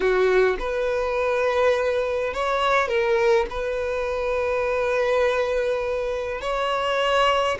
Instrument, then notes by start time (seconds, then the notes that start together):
violin
0.00 F#4
0.59 B4
2.33 C#5
2.88 A#4
3.50 B4
6.41 C#5